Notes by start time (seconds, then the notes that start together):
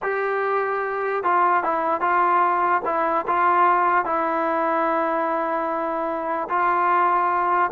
0.02 G4
1.23 F4
1.63 E4
2.01 F4
2.85 E4
3.27 F4
4.05 E4
6.49 F4